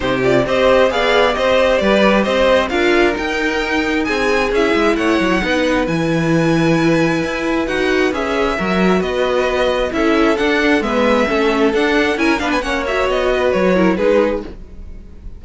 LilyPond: <<
  \new Staff \with { instrumentName = "violin" } { \time 4/4 \tempo 4 = 133 c''8 d''8 dis''4 f''4 dis''4 | d''4 dis''4 f''4 g''4~ | g''4 gis''4 e''4 fis''4~ | fis''4 gis''2.~ |
gis''4 fis''4 e''2 | dis''2 e''4 fis''4 | e''2 fis''4 gis''8 f''16 gis''16 | fis''8 e''8 dis''4 cis''4 b'4 | }
  \new Staff \with { instrumentName = "violin" } { \time 4/4 g'4 c''4 d''4 c''4 | b'4 c''4 ais'2~ | ais'4 gis'2 cis''4 | b'1~ |
b'2. ais'4 | b'2 a'2 | b'4 a'2 ais'8 b'8 | cis''4. b'4 ais'8 gis'4 | }
  \new Staff \with { instrumentName = "viola" } { \time 4/4 dis'8 f'8 g'4 gis'4 g'4~ | g'2 f'4 dis'4~ | dis'2 e'2 | dis'4 e'2.~ |
e'4 fis'4 gis'4 fis'4~ | fis'2 e'4 d'4 | b4 cis'4 d'4 e'8 d'8 | cis'8 fis'2 e'8 dis'4 | }
  \new Staff \with { instrumentName = "cello" } { \time 4/4 c4 c'4 b4 c'4 | g4 c'4 d'4 dis'4~ | dis'4 c'4 cis'8 gis8 a8 fis8 | b4 e2. |
e'4 dis'4 cis'4 fis4 | b2 cis'4 d'4 | gis4 a4 d'4 cis'8 b8 | ais4 b4 fis4 gis4 | }
>>